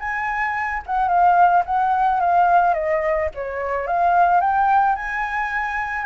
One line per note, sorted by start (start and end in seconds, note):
0.00 0.83 G#5
0.86 1.08 F#5
1.08 1.63 F5
1.65 2.20 F#5
2.20 2.74 F5
2.74 3.29 D#5
3.35 3.87 C#5
3.87 4.41 F5
4.41 4.96 G5
4.96 6.06 G#5